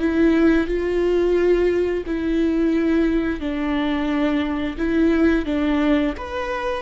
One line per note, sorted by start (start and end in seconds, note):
0.00 0.68 E4
0.68 2.04 F4
2.07 3.41 E4
3.41 4.77 D4
4.78 5.46 E4
5.46 6.14 D4
6.18 6.83 B4